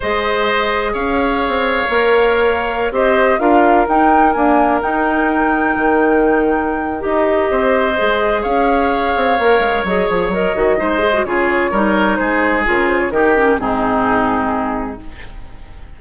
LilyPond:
<<
  \new Staff \with { instrumentName = "flute" } { \time 4/4 \tempo 4 = 128 dis''2 f''2~ | f''2~ f''16 dis''4 f''8.~ | f''16 g''4 gis''4 g''4.~ g''16~ | g''2. dis''4~ |
dis''2 f''2~ | f''4 dis''8 cis''8 dis''2 | cis''2 c''4 ais'8 c''16 cis''16 | ais'4 gis'2. | }
  \new Staff \with { instrumentName = "oboe" } { \time 4/4 c''2 cis''2~ | cis''2~ cis''16 c''4 ais'8.~ | ais'1~ | ais'1 |
c''2 cis''2~ | cis''2. c''4 | gis'4 ais'4 gis'2 | g'4 dis'2. | }
  \new Staff \with { instrumentName = "clarinet" } { \time 4/4 gis'1 | ais'2~ ais'16 g'4 f'8.~ | f'16 dis'4 ais4 dis'4.~ dis'16~ | dis'2. g'4~ |
g'4 gis'2. | ais'4 gis'4 ais'8 fis'8 dis'8 gis'16 fis'16 | f'4 dis'2 f'4 | dis'8 cis'8 c'2. | }
  \new Staff \with { instrumentName = "bassoon" } { \time 4/4 gis2 cis'4~ cis'16 c'8. | ais2~ ais16 c'4 d'8.~ | d'16 dis'4 d'4 dis'4.~ dis'16~ | dis'16 dis2~ dis8. dis'4 |
c'4 gis4 cis'4. c'8 | ais8 gis8 fis8 f8 fis8 dis8 gis4 | cis4 g4 gis4 cis4 | dis4 gis,2. | }
>>